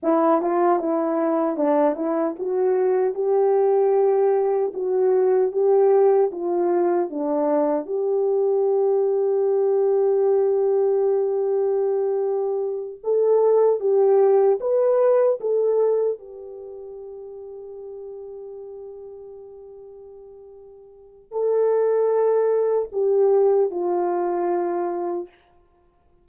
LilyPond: \new Staff \with { instrumentName = "horn" } { \time 4/4 \tempo 4 = 76 e'8 f'8 e'4 d'8 e'8 fis'4 | g'2 fis'4 g'4 | f'4 d'4 g'2~ | g'1~ |
g'8 a'4 g'4 b'4 a'8~ | a'8 g'2.~ g'8~ | g'2. a'4~ | a'4 g'4 f'2 | }